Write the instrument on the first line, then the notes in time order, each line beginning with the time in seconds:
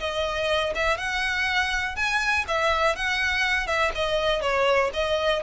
violin
0.00 D#5
0.75 E5
0.98 F#5
1.96 G#5
2.48 E5
2.96 F#5
3.67 E5
3.95 D#5
4.42 C#5
4.94 D#5